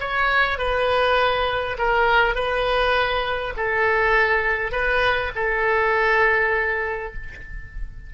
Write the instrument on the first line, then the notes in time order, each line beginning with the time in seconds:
oboe
0.00 C#5
0.58 B4
1.78 A#4
2.35 B4
3.57 A4
4.72 B4
5.35 A4